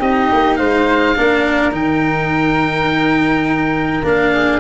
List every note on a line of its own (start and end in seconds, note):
0.00 0.30 C4
0.00 1.16 D#4
0.00 0.58 G4
0.00 0.56 D#5
0.33 0.59 A#3
0.56 1.17 G#3
0.56 1.16 C5
0.56 1.71 F5
1.16 1.72 A#3
1.16 1.72 D4
1.16 4.33 A#4
1.72 4.03 D#3
1.72 4.03 D#4
1.72 4.06 G5
4.03 4.60 A#3
4.03 4.60 D4
4.03 4.60 F5
4.33 4.60 G#4